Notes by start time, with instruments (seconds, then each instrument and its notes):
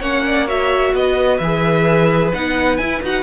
0.00 cello A#3, viola C#4, violin C#5 F#5
0.26 violin D5
0.46 viola F#4, violin C#5 E5
0.93 cello B3, violin B4 D#5
1.38 cello E3, viola G#4, violin E5
2.34 cello B3, viola D#4, violin F#5
2.77 cello E4, viola E4, violin G#5
3.03 cello D#4, viola F#4, violin F#5